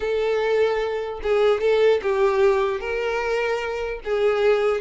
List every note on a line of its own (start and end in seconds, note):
0.00 1.20 A4
1.22 1.60 G#4
1.60 2.00 A4
2.02 2.80 G4
2.80 4.00 A#4
4.04 4.80 G#4